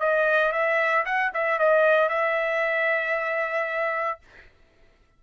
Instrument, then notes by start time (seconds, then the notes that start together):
trumpet
0.00 D#5
0.52 E5
1.06 F#5
1.34 E5
1.59 D#5
2.09 E5